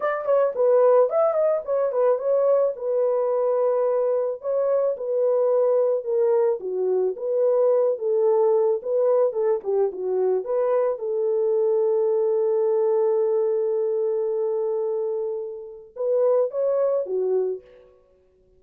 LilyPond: \new Staff \with { instrumentName = "horn" } { \time 4/4 \tempo 4 = 109 d''8 cis''8 b'4 e''8 dis''8 cis''8 b'8 | cis''4 b'2. | cis''4 b'2 ais'4 | fis'4 b'4. a'4. |
b'4 a'8 g'8 fis'4 b'4 | a'1~ | a'1~ | a'4 b'4 cis''4 fis'4 | }